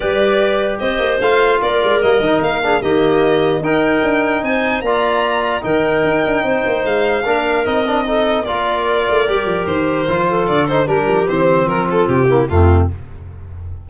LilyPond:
<<
  \new Staff \with { instrumentName = "violin" } { \time 4/4 \tempo 4 = 149 d''2 dis''4 f''4 | d''4 dis''4 f''4 dis''4~ | dis''4 g''2 gis''4 | ais''2 g''2~ |
g''4 f''2 dis''4~ | dis''4 d''2. | c''2 d''8 c''8 ais'4 | c''4 ais'8 a'8 g'4 f'4 | }
  \new Staff \with { instrumentName = "clarinet" } { \time 4/4 b'2 c''2 | ais'2~ ais'8 gis'8 g'4~ | g'4 ais'2 c''4 | d''2 ais'2 |
c''2 ais'2 | a'4 ais'2.~ | ais'4. a'4. g'4~ | g'4 f'4. e'8 c'4 | }
  \new Staff \with { instrumentName = "trombone" } { \time 4/4 g'2. f'4~ | f'4 ais8 dis'4 d'8 ais4~ | ais4 dis'2. | f'2 dis'2~ |
dis'2 d'4 dis'8 d'8 | dis'4 f'2 g'4~ | g'4 f'4. dis'8 d'4 | c'2~ c'8 ais8 a4 | }
  \new Staff \with { instrumentName = "tuba" } { \time 4/4 g2 c'8 ais8 a4 | ais8 gis8 g8 dis8 ais4 dis4~ | dis4 dis'4 d'4 c'4 | ais2 dis4 dis'8 d'8 |
c'8 ais8 gis4 ais4 c'4~ | c'4 ais4. a8 g8 f8 | dis4 f4 d4 g8 f8 | e4 f4 c4 f,4 | }
>>